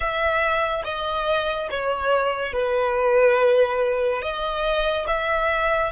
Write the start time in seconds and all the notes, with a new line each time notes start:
0.00 E5
0.84 D#5
1.70 C#5
2.52 B4
4.21 D#5
5.07 E5